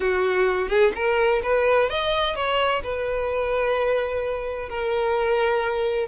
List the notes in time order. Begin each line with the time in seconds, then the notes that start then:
0.00 F#4
0.69 G#4
0.95 A#4
1.43 B4
1.89 D#5
2.35 C#5
2.83 B4
4.69 A#4